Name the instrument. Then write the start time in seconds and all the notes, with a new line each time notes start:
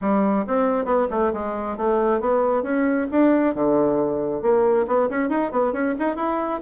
bassoon
0.01 G3
0.47 C4
0.85 B3
1.10 A3
1.33 G#3
1.77 A3
2.20 B3
2.62 C#4
3.11 D4
3.54 D3
4.42 A#3
4.87 B3
5.09 C#4
5.29 D#4
5.51 B3
5.72 C#4
5.99 D#4
6.16 E4